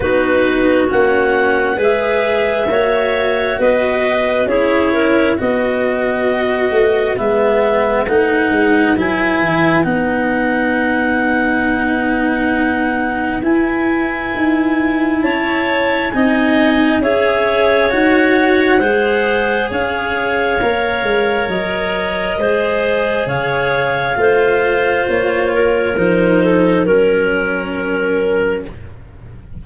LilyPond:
<<
  \new Staff \with { instrumentName = "clarinet" } { \time 4/4 \tempo 4 = 67 b'4 fis''4 e''2 | dis''4 cis''4 dis''2 | e''4 fis''4 gis''4 fis''4~ | fis''2. gis''4~ |
gis''4 a''4 gis''4 e''4 | fis''2 f''2 | dis''2 f''2 | cis''4 c''4 ais'2 | }
  \new Staff \with { instrumentName = "clarinet" } { \time 4/4 fis'2 b'4 cis''4 | b'4 gis'8 ais'8 b'2~ | b'1~ | b'1~ |
b'4 cis''4 dis''4 cis''4~ | cis''4 c''4 cis''2~ | cis''4 c''4 cis''4 c''4~ | c''8 ais'4 a'8 ais'2 | }
  \new Staff \with { instrumentName = "cello" } { \time 4/4 dis'4 cis'4 gis'4 fis'4~ | fis'4 e'4 fis'2 | b4 dis'4 e'4 dis'4~ | dis'2. e'4~ |
e'2 dis'4 gis'4 | fis'4 gis'2 ais'4~ | ais'4 gis'2 f'4~ | f'4 dis'4 cis'2 | }
  \new Staff \with { instrumentName = "tuba" } { \time 4/4 b4 ais4 gis4 ais4 | b4 cis'4 b4. a8 | gis4 a8 gis8 fis8 e8 b4~ | b2. e'4 |
dis'4 cis'4 c'4 cis'4 | dis'4 gis4 cis'4 ais8 gis8 | fis4 gis4 cis4 a4 | ais4 f4 fis2 | }
>>